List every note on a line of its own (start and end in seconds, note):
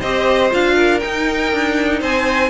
0.00 0.53 C4
0.00 0.51 G4
0.00 0.75 C5
0.00 0.51 D#5
0.51 1.03 D4
0.51 1.01 F4
0.51 1.00 F5
0.76 2.00 A#4
1.00 2.51 D#4
1.00 1.53 D#4
1.00 2.00 G5
1.53 2.01 D4
2.00 2.51 C4
2.00 2.50 C5
2.00 2.51 G#5